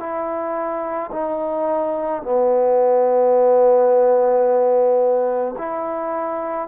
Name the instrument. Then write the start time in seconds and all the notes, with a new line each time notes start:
trombone
0.00 E4
1.12 D#4
2.23 B3
5.58 E4